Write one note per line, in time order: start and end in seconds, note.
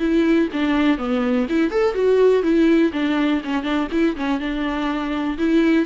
0.00 0.49 E4
0.53 0.98 D4
0.98 1.47 B3
1.49 1.71 E4
1.71 1.95 A4
1.95 2.43 F#4
2.43 2.92 E4
2.93 3.42 D4
3.45 3.63 C#4
3.63 3.88 D4
3.92 4.16 E4
4.17 4.40 C#4
4.40 5.38 D4
5.38 5.86 E4